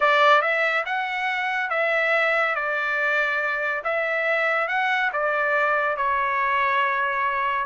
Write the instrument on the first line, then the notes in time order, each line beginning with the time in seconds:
trumpet
0.00 D5
0.41 E5
0.85 F#5
1.70 E5
2.55 D5
3.84 E5
4.68 F#5
5.13 D5
5.97 C#5